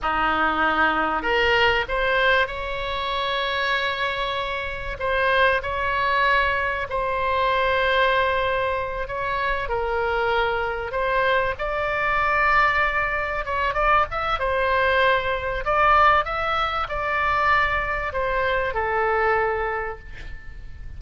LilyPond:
\new Staff \with { instrumentName = "oboe" } { \time 4/4 \tempo 4 = 96 dis'2 ais'4 c''4 | cis''1 | c''4 cis''2 c''4~ | c''2~ c''8 cis''4 ais'8~ |
ais'4. c''4 d''4.~ | d''4. cis''8 d''8 e''8 c''4~ | c''4 d''4 e''4 d''4~ | d''4 c''4 a'2 | }